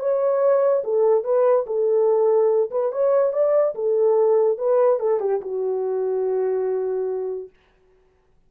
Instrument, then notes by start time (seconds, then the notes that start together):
horn
0.00 C#5
0.84 A4
1.24 B4
1.67 A4
2.71 B4
2.92 C#5
3.33 D5
3.75 A4
4.58 B4
5.00 A4
5.20 G4
5.41 F#4